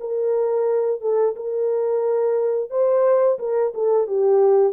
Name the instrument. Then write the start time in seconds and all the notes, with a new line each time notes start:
horn
0.00 A#4
1.01 A4
1.36 A#4
2.70 C5
3.39 A#4
3.74 A4
4.07 G4